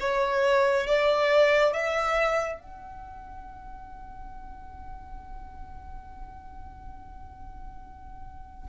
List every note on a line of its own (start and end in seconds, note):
0.00 0.87 C#5
0.87 1.73 D5
1.73 2.60 E5
2.60 8.69 F#5